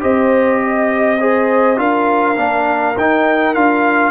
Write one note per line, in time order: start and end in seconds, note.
0.00 1.77 C4
0.00 1.18 G4
0.00 0.60 C5
0.00 1.79 D#5
0.62 1.20 D#5
1.20 1.76 G#4
1.20 1.79 C5
1.76 2.36 D4
1.76 2.35 F4
1.76 4.11 A#4
1.76 2.96 F5
2.36 2.96 A#3
2.36 2.94 D4
2.96 3.55 D#4
2.96 3.54 G5
3.54 4.11 D4
3.54 4.11 F4
3.54 4.11 F5